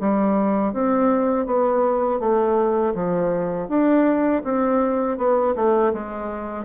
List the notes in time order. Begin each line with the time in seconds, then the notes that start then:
0.00 G3
0.73 C4
1.46 B3
2.20 A3
2.94 F3
3.68 D4
4.44 C4
5.18 B3
5.56 A3
5.94 G#3